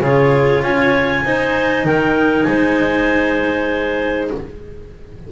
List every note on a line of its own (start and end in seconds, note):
0.00 0.61 C#3
0.00 1.25 F4
0.00 0.62 G#4
0.00 0.63 C#5
0.62 1.23 C#4
0.62 1.23 C#5
0.62 1.85 G#5
1.24 1.84 D#4
1.24 4.31 D#4
1.24 1.86 C5
1.84 2.45 D#3
1.84 2.47 A#4
1.84 2.42 G5
2.42 4.30 G#3
2.42 4.31 C5
2.42 4.26 G#5